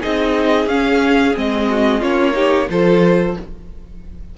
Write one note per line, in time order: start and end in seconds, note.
0.00 0.66 C4
0.00 0.68 D#4
0.00 1.67 G#4
0.00 0.68 D#5
0.66 1.32 C#4
0.66 1.35 C#4
0.66 1.35 F5
1.35 2.02 G#3
1.35 2.01 C4
1.35 2.02 D#5
1.70 1.99 F#4
1.99 2.69 A#3
1.99 2.33 C#4
1.99 2.33 F4
1.99 2.69 C#5
2.33 2.66 D#4
2.33 2.68 G4
2.69 3.36 F3
2.69 3.36 F4
2.69 3.37 A4
2.69 3.37 C5